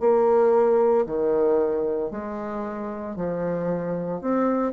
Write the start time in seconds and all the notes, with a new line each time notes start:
0.00 A#3
1.06 D#3
2.11 G#3
3.16 F3
4.21 C4